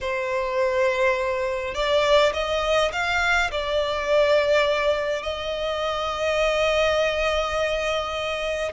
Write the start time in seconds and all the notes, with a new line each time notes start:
0.00 C5
1.74 D5
2.33 D#5
2.92 F5
3.51 D5
5.23 D#5